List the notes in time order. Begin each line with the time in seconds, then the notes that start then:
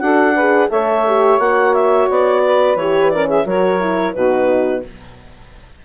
0.00 D4 F#4 A4 F#5
0.34 G#4 B4
0.71 A3 A4 C#5 E5
1.07 G4
1.39 A#3 F#4 F#5
1.74 E5
2.10 B3 D5
2.46 B4
2.76 E3 G4 C#5
3.10 C#4 A#4 D5
3.27 G#4 E5
3.45 F#3 F#4 A#4 C#5
3.80 E4
4.14 B2 D#4 F#4 B4